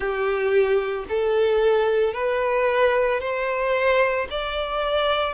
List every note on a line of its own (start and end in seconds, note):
0.00 1.05 G4
1.09 2.13 A4
2.13 3.20 B4
3.20 4.27 C5
4.30 5.34 D5